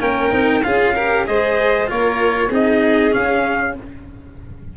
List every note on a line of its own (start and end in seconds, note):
0.00 0.32 A#3
0.00 0.31 C#4
0.00 0.64 A#4
0.00 0.64 G5
0.31 0.63 C4
0.31 0.62 D#4
0.64 1.28 C#4
0.64 0.95 F4
0.64 0.95 G#4
0.64 1.26 F5
0.95 1.26 G4
0.95 1.26 A#4
1.26 1.90 G#3
1.26 1.87 G#4
1.26 1.90 C5
1.26 1.89 D#5
1.87 2.51 A#3
1.87 2.49 F4
1.87 2.49 A#4
1.87 2.53 C#5
2.49 3.13 C4
2.49 3.11 D#4
2.49 3.74 G#4
2.49 3.14 D#5
3.11 3.74 C#4
3.11 3.77 C#4
3.11 3.77 F5